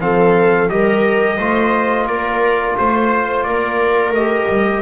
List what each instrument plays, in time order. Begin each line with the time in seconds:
0.00 double bass F3, trombone C4, viola A4, trumpet F5
0.69 double bass G3, trombone G4, viola A#4, trumpet D#5
1.37 double bass A3, trombone F4, viola C5
2.06 double bass A#3, viola A#4, trumpet D5
2.77 double bass A3, trumpet C5, viola C5
3.43 double bass A#3, viola A#4, trumpet D5
4.11 double bass A3, trombone G4, trumpet D#5
4.48 double bass G3